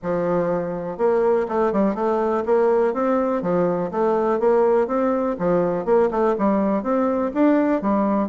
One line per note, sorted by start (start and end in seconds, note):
0.02 0.97 F3
0.97 1.46 A#3
1.48 1.72 A3
1.72 1.94 G3
1.94 2.43 A3
2.45 2.93 A#3
2.93 3.42 C4
3.42 3.90 F3
3.91 4.39 A3
4.39 4.87 A#3
4.87 5.36 C4
5.39 5.85 F3
5.85 6.09 A#3
6.10 6.35 A3
6.38 6.82 G3
6.82 7.31 C4
7.33 7.81 D4
7.81 8.28 G3